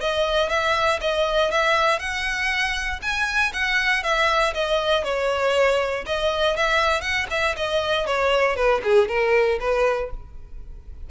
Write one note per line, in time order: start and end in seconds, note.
0.00 0.49 D#5
0.49 0.99 E5
1.01 1.51 D#5
1.51 1.99 E5
1.99 3.00 F#5
3.02 3.52 G#5
3.53 4.03 F#5
4.03 4.53 E5
4.54 5.04 D#5
5.04 6.04 C#5
6.06 6.56 D#5
6.56 7.01 E5
7.01 7.26 F#5
7.30 7.55 E5
7.56 8.06 D#5
8.06 8.56 C#5
8.56 8.81 B4
8.83 9.08 G#4
9.08 9.58 A#4
9.60 10.10 B4